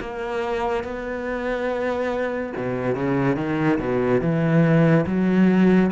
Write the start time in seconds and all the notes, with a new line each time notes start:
0.00 A#3
0.84 B3
2.56 B2
2.95 C#3
3.36 D#3
3.79 B2
4.21 E3
5.06 F#3